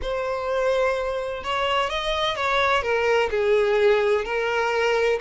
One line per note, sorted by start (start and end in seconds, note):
0.02 1.43 C5
1.43 1.89 C#5
1.89 2.36 D#5
2.36 2.82 C#5
2.82 3.29 A#4
3.30 4.25 G#4
4.25 5.19 A#4